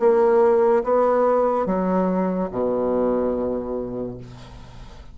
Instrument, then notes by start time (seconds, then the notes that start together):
bassoon
0.00 A#3
0.84 B3
1.66 F#3
2.51 B2